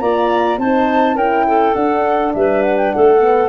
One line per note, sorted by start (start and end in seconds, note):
0.00 0.58 A#3
0.00 0.59 F4
0.00 0.59 D5
0.00 0.58 A#5
0.58 1.15 C4
0.58 1.18 D#4
0.58 1.15 C5
0.58 1.17 A5
1.15 1.73 C#4
1.15 1.76 E4
1.15 1.45 A#4
1.15 1.74 G5
1.47 2.35 A4
1.74 2.34 D4
1.74 3.20 D4
1.74 2.32 F#5
2.34 2.93 G3
2.34 2.95 B4
2.34 2.62 E5
2.62 2.77 F#5
2.78 2.92 G5
2.92 3.49 A3
2.92 3.49 A4
2.92 3.49 F#5
3.20 3.49 B3